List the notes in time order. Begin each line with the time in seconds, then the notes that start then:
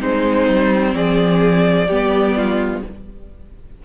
0.00 G#3 C4 D#4 C5
0.48 G3
0.94 F3 G#4 D5
1.88 G3 B3 G4
2.37 F4